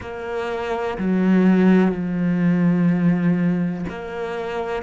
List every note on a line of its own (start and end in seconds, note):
0.00 0.97 A#3
0.98 1.91 F#3
1.91 3.85 F3
3.89 4.83 A#3